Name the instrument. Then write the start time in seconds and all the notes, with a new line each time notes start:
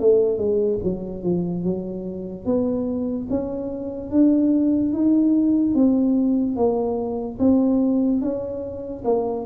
tuba
0.00 A3
0.38 G#3
0.84 F#3
1.23 F3
1.64 F#3
2.45 B3
3.30 C#4
4.11 D4
4.93 D#4
5.75 C4
6.56 A#3
7.39 C4
8.22 C#4
9.05 A#3